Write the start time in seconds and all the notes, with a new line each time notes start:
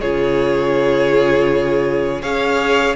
0.00 C#3 F4 G#4 C#5
2.21 C#4 G#4 C#5 F5